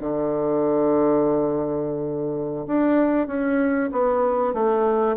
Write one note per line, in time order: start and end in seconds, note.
0.00 2.66 D3
2.66 3.27 D4
3.27 3.89 C#4
3.91 4.53 B3
4.53 5.16 A3